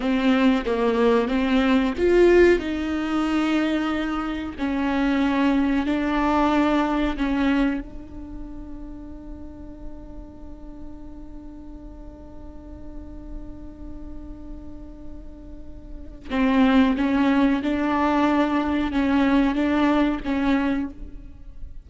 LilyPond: \new Staff \with { instrumentName = "viola" } { \time 4/4 \tempo 4 = 92 c'4 ais4 c'4 f'4 | dis'2. cis'4~ | cis'4 d'2 cis'4 | d'1~ |
d'1~ | d'1~ | d'4 c'4 cis'4 d'4~ | d'4 cis'4 d'4 cis'4 | }